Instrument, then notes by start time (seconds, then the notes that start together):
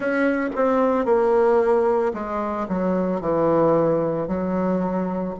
bassoon
0.00 C#4
0.56 C4
1.05 A#3
2.13 G#3
2.68 F#3
3.20 E3
4.27 F#3